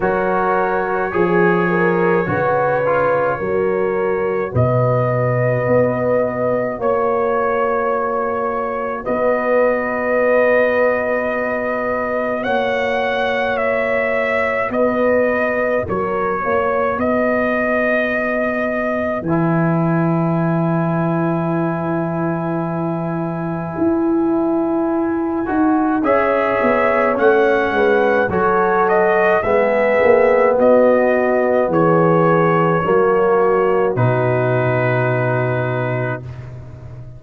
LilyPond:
<<
  \new Staff \with { instrumentName = "trumpet" } { \time 4/4 \tempo 4 = 53 cis''1 | dis''2 cis''2 | dis''2. fis''4 | e''4 dis''4 cis''4 dis''4~ |
dis''4 gis''2.~ | gis''2. e''4 | fis''4 cis''8 dis''8 e''4 dis''4 | cis''2 b'2 | }
  \new Staff \with { instrumentName = "horn" } { \time 4/4 ais'4 gis'8 ais'8 b'4 ais'4 | b'2 cis''2 | b'2. cis''4~ | cis''4 b'4 ais'8 cis''8 b'4~ |
b'1~ | b'2. cis''4~ | cis''8 b'8 a'4 gis'4 fis'4 | gis'4 fis'2. | }
  \new Staff \with { instrumentName = "trombone" } { \time 4/4 fis'4 gis'4 fis'8 f'8 fis'4~ | fis'1~ | fis'1~ | fis'1~ |
fis'4 e'2.~ | e'2~ e'8 fis'8 gis'4 | cis'4 fis'4 b2~ | b4 ais4 dis'2 | }
  \new Staff \with { instrumentName = "tuba" } { \time 4/4 fis4 f4 cis4 fis4 | b,4 b4 ais2 | b2. ais4~ | ais4 b4 fis8 ais8 b4~ |
b4 e2.~ | e4 e'4. dis'8 cis'8 b8 | a8 gis8 fis4 gis8 ais8 b4 | e4 fis4 b,2 | }
>>